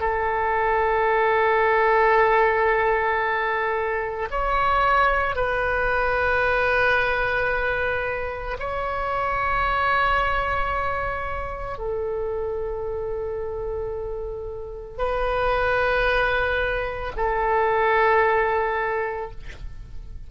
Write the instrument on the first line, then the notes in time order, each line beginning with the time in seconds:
oboe
0.00 A4
4.30 C#5
5.35 B4
8.59 C#5
11.78 A4
14.98 B4
17.16 A4